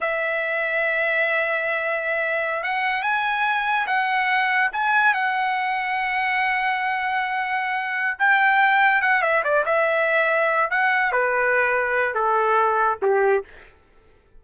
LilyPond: \new Staff \with { instrumentName = "trumpet" } { \time 4/4 \tempo 4 = 143 e''1~ | e''2~ e''16 fis''4 gis''8.~ | gis''4~ gis''16 fis''2 gis''8.~ | gis''16 fis''2.~ fis''8.~ |
fis''2.~ fis''8 g''8~ | g''4. fis''8 e''8 d''8 e''4~ | e''4. fis''4 b'4.~ | b'4 a'2 g'4 | }